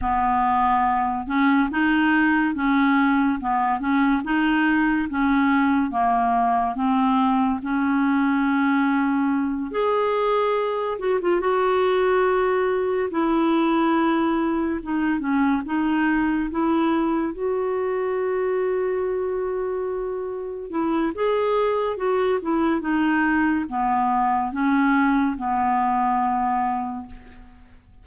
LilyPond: \new Staff \with { instrumentName = "clarinet" } { \time 4/4 \tempo 4 = 71 b4. cis'8 dis'4 cis'4 | b8 cis'8 dis'4 cis'4 ais4 | c'4 cis'2~ cis'8 gis'8~ | gis'4 fis'16 f'16 fis'2 e'8~ |
e'4. dis'8 cis'8 dis'4 e'8~ | e'8 fis'2.~ fis'8~ | fis'8 e'8 gis'4 fis'8 e'8 dis'4 | b4 cis'4 b2 | }